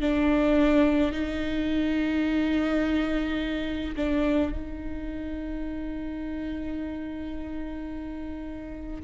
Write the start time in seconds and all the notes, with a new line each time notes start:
0.00 D4
1.12 D#4
3.95 D4
4.52 D#4